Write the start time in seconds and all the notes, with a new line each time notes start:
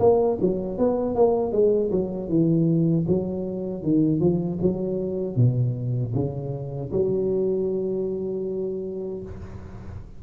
0.00 A#3
0.41 F#3
0.78 B3
1.15 A#3
1.52 G#3
1.92 F#3
2.29 E3
3.08 F#3
3.83 D#3
4.20 F3
4.62 F#3
5.37 B2
6.15 C#3
6.92 F#3